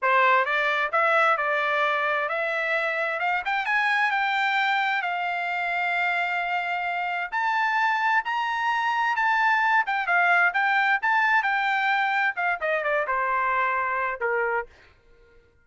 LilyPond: \new Staff \with { instrumentName = "trumpet" } { \time 4/4 \tempo 4 = 131 c''4 d''4 e''4 d''4~ | d''4 e''2 f''8 g''8 | gis''4 g''2 f''4~ | f''1 |
a''2 ais''2 | a''4. g''8 f''4 g''4 | a''4 g''2 f''8 dis''8 | d''8 c''2~ c''8 ais'4 | }